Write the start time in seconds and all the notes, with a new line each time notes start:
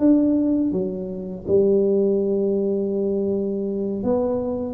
0.00 D4
0.72 F#3
1.48 G3
4.04 B3